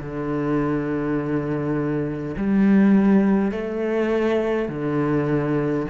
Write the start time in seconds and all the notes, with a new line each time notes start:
0.00 D3
2.37 G3
3.51 A3
4.69 D3